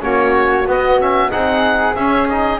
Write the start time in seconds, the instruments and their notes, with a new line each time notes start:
0.00 double bass A#3, trombone C#4, flute F#4, oboe C#5
0.66 double bass B3, trombone B3, oboe D#5
1.00 trombone C#4, oboe E5
1.30 double bass C4, trombone D#4, flute G#4, oboe F#5
1.95 double bass C#4, trombone C#4, oboe E5
2.29 trombone D#4, oboe D#5